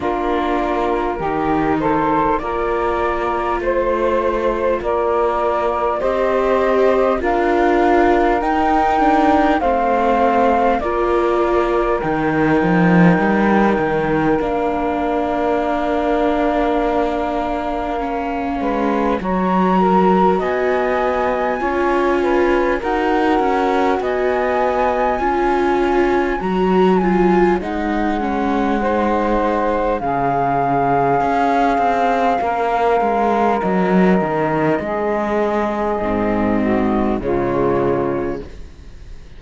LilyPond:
<<
  \new Staff \with { instrumentName = "flute" } { \time 4/4 \tempo 4 = 50 ais'4. c''8 d''4 c''4 | d''4 dis''4 f''4 g''4 | f''4 d''4 g''2 | f''1 |
ais''4 gis''2 fis''4 | gis''2 ais''8 gis''8 fis''4~ | fis''4 f''2. | dis''2. cis''4 | }
  \new Staff \with { instrumentName = "saxophone" } { \time 4/4 f'4 g'8 a'8 ais'4 c''4 | ais'4 c''4 ais'2 | c''4 ais'2.~ | ais'2.~ ais'8 b'8 |
cis''8 ais'8 dis''4 cis''8 b'8 ais'4 | dis''4 cis''2. | c''4 gis'2 ais'4~ | ais'4 gis'4. fis'8 f'4 | }
  \new Staff \with { instrumentName = "viola" } { \time 4/4 d'4 dis'4 f'2~ | f'4 g'4 f'4 dis'8 d'8 | c'4 f'4 dis'2 | d'2. cis'4 |
fis'2 f'4 fis'4~ | fis'4 f'4 fis'8 f'8 dis'8 cis'8 | dis'4 cis'2.~ | cis'2 c'4 gis4 | }
  \new Staff \with { instrumentName = "cello" } { \time 4/4 ais4 dis4 ais4 a4 | ais4 c'4 d'4 dis'4 | a4 ais4 dis8 f8 g8 dis8 | ais2.~ ais8 gis8 |
fis4 b4 cis'4 dis'8 cis'8 | b4 cis'4 fis4 gis4~ | gis4 cis4 cis'8 c'8 ais8 gis8 | fis8 dis8 gis4 gis,4 cis4 | }
>>